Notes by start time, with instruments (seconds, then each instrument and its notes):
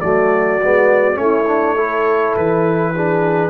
0.00 tuba F#3, trombone A3, horn F#4, trumpet D5
0.60 tuba G#3, trombone B3
1.14 tuba A3, trombone C#4, trumpet C#5
1.20 horn E4
1.47 trombone D4
1.75 trombone E4, horn A4
2.36 tuba E3, trumpet B4
2.94 trombone D4, horn G#4